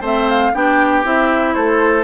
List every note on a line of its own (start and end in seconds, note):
0.00 0.51 A3
0.00 0.53 C4
0.00 0.51 C5
0.00 0.29 E5
0.29 0.54 F5
0.54 1.04 B3
0.54 1.03 D4
0.54 1.54 G4
0.54 1.05 G5
1.03 1.55 C4
1.03 2.04 E4
1.03 1.54 E5
1.54 2.04 A3
1.54 2.04 A4
1.54 2.04 C5